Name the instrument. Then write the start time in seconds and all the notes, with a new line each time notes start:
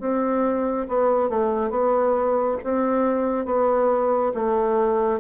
bassoon
0.00 C4
0.88 B3
1.30 A3
1.70 B3
2.64 C4
3.45 B3
4.34 A3